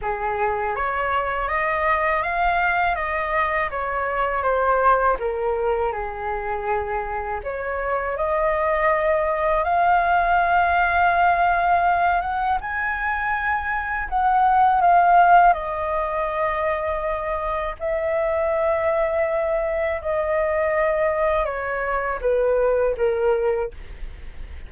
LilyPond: \new Staff \with { instrumentName = "flute" } { \time 4/4 \tempo 4 = 81 gis'4 cis''4 dis''4 f''4 | dis''4 cis''4 c''4 ais'4 | gis'2 cis''4 dis''4~ | dis''4 f''2.~ |
f''8 fis''8 gis''2 fis''4 | f''4 dis''2. | e''2. dis''4~ | dis''4 cis''4 b'4 ais'4 | }